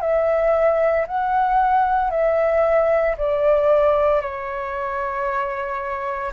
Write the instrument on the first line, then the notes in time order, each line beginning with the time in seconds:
flute
0.00 E5
1.07 F#5
2.10 E5
3.17 D5
4.21 C#5